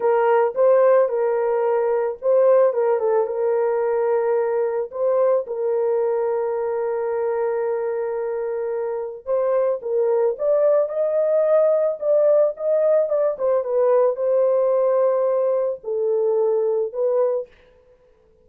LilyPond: \new Staff \with { instrumentName = "horn" } { \time 4/4 \tempo 4 = 110 ais'4 c''4 ais'2 | c''4 ais'8 a'8 ais'2~ | ais'4 c''4 ais'2~ | ais'1~ |
ais'4 c''4 ais'4 d''4 | dis''2 d''4 dis''4 | d''8 c''8 b'4 c''2~ | c''4 a'2 b'4 | }